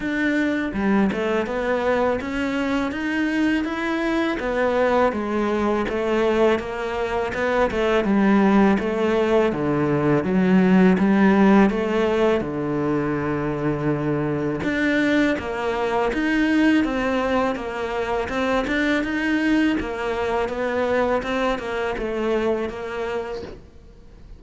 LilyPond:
\new Staff \with { instrumentName = "cello" } { \time 4/4 \tempo 4 = 82 d'4 g8 a8 b4 cis'4 | dis'4 e'4 b4 gis4 | a4 ais4 b8 a8 g4 | a4 d4 fis4 g4 |
a4 d2. | d'4 ais4 dis'4 c'4 | ais4 c'8 d'8 dis'4 ais4 | b4 c'8 ais8 a4 ais4 | }